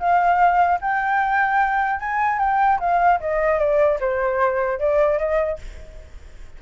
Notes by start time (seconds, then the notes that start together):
0.00 F5
0.81 G5
2.00 G#5
2.39 G5
2.80 F5
3.21 D#5
3.60 D5
4.01 C5
4.80 D5
5.19 D#5